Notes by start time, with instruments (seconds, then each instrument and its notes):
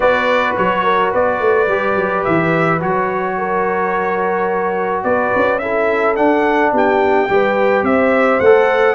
0.00 tuba B3, trombone F#4, horn B4, trumpet D5
0.56 tuba F#3, trumpet C#5
0.83 horn A#4
1.11 tuba B3, horn B4, trumpet D5
1.39 tuba A3
1.67 tuba G3, trombone G4
1.95 tuba F#3
2.24 tuba E3, trumpet E5
2.80 tuba F#3, trombone F#4, trumpet C#5
3.37 horn A#4
5.03 tuba B3, horn B4, trumpet D5
5.35 tuba C#4
5.58 trombone E4, horn A4, trumpet E5
6.15 trombone D4, tuba D4, trumpet F#5
6.72 tuba B3, horn G4, trumpet G5
7.29 tuba G3, trombone G4, horn B4
7.83 tuba C4, horn C5, trumpet E5
8.40 tuba A3, trombone A4, trumpet F#5